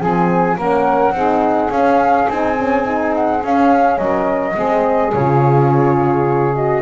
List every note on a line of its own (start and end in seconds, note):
0.00 0.57 F3
0.00 0.57 C4
0.00 0.56 G#4
0.00 0.57 G#5
0.56 1.12 A#3
0.56 1.15 C#4
0.56 1.13 A#4
0.56 1.71 F#5
1.12 1.69 C4
1.12 1.71 D#4
1.12 4.01 G#4
1.70 2.27 C#4
1.70 2.28 C#4
1.70 2.28 F5
2.28 3.43 C4
2.28 2.57 D#4
2.28 3.13 G#5
2.58 2.84 C#4
2.84 3.41 D#4
3.14 3.43 F#5
3.41 4.56 C#4
3.41 3.98 C#4
3.41 3.98 F5
3.98 4.55 F#3
3.98 4.55 A#4
3.98 5.12 D#5
4.55 5.13 G#3
4.55 5.13 C4
4.55 6.82 G#4
5.13 6.82 C#3
5.13 6.55 F4
5.13 6.55 C#5
6.55 6.82 F#4
6.55 6.82 D#5